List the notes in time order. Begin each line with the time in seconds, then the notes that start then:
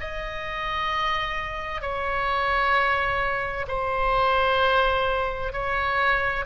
0.00 D#5
1.81 C#5
3.68 C5
5.53 C#5